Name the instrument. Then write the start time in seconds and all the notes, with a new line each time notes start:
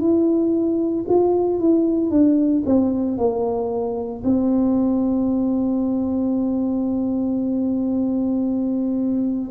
tuba
0.00 E4
1.08 F4
1.59 E4
2.10 D4
2.66 C4
3.18 A#3
4.24 C4